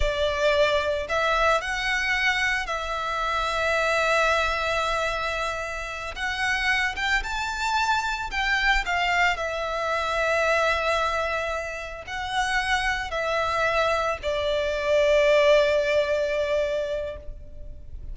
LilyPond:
\new Staff \with { instrumentName = "violin" } { \time 4/4 \tempo 4 = 112 d''2 e''4 fis''4~ | fis''4 e''2.~ | e''2.~ e''8 fis''8~ | fis''4 g''8 a''2 g''8~ |
g''8 f''4 e''2~ e''8~ | e''2~ e''8 fis''4.~ | fis''8 e''2 d''4.~ | d''1 | }